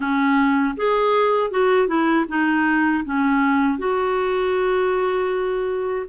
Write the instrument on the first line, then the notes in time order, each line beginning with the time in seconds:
clarinet
0.00 C#4
0.76 G#4
1.51 F#4
1.87 E4
2.28 D#4
3.04 C#4
3.78 F#4